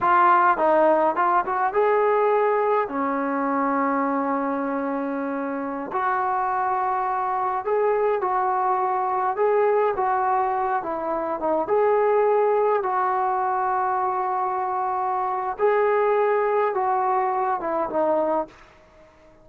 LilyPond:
\new Staff \with { instrumentName = "trombone" } { \time 4/4 \tempo 4 = 104 f'4 dis'4 f'8 fis'8 gis'4~ | gis'4 cis'2.~ | cis'2~ cis'16 fis'4.~ fis'16~ | fis'4~ fis'16 gis'4 fis'4.~ fis'16~ |
fis'16 gis'4 fis'4. e'4 dis'16~ | dis'16 gis'2 fis'4.~ fis'16~ | fis'2. gis'4~ | gis'4 fis'4. e'8 dis'4 | }